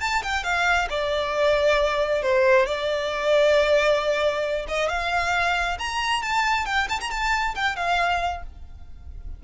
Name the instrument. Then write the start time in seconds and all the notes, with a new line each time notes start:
violin
0.00 A5
0.23 G5
0.43 F5
0.89 D5
2.22 C5
2.66 D5
4.68 D#5
4.89 F5
5.79 A#5
6.22 A5
6.65 G5
6.89 A5
7.00 A#5
7.10 A5
7.55 G5
7.76 F5